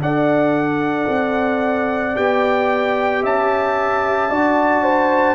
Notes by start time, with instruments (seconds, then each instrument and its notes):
0.00 tuba D4, trombone A4, horn D5, trumpet F#5
1.08 tuba C4
2.15 tuba B3, trombone G4, trumpet G5
3.23 tuba C#4, horn E5, trumpet A5
4.30 tuba D4, trombone F#4, horn D5
4.83 horn C5